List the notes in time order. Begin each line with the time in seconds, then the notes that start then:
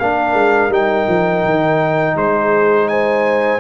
0.00 A#3 D4 A#4 F5
0.34 G#3
0.69 G3 D#4 G5
1.08 F3
1.45 D#3
2.16 G#3 G#4 C5
2.88 C5 G#5